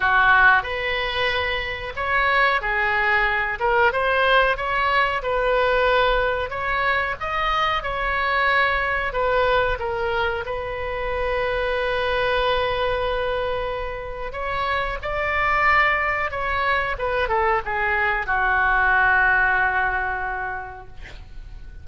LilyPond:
\new Staff \with { instrumentName = "oboe" } { \time 4/4 \tempo 4 = 92 fis'4 b'2 cis''4 | gis'4. ais'8 c''4 cis''4 | b'2 cis''4 dis''4 | cis''2 b'4 ais'4 |
b'1~ | b'2 cis''4 d''4~ | d''4 cis''4 b'8 a'8 gis'4 | fis'1 | }